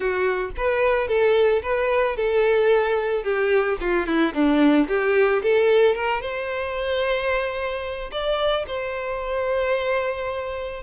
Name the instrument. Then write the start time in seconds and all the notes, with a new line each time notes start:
violin
0.00 F#4
0.57 B4
1.07 A4
1.62 B4
2.16 A4
3.23 G4
3.80 F4
4.06 E4
4.33 D4
4.87 G4
5.42 A4
5.95 A#4
6.21 C5
8.11 D5
8.67 C5